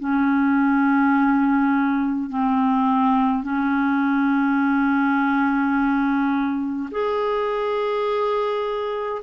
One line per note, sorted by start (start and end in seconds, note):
0.00 2.30 C#4
2.30 3.44 C4
3.44 6.90 C#4
6.92 9.23 G#4